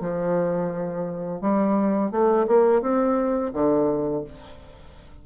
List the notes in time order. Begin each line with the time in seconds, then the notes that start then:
0.00 F3
1.41 G3
2.11 A3
2.47 A#3
2.81 C4
3.53 D3